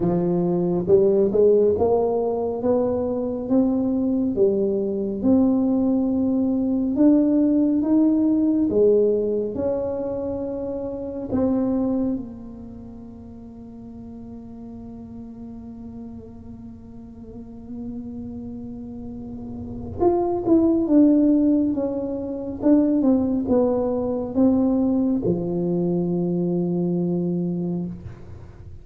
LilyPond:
\new Staff \with { instrumentName = "tuba" } { \time 4/4 \tempo 4 = 69 f4 g8 gis8 ais4 b4 | c'4 g4 c'2 | d'4 dis'4 gis4 cis'4~ | cis'4 c'4 ais2~ |
ais1~ | ais2. f'8 e'8 | d'4 cis'4 d'8 c'8 b4 | c'4 f2. | }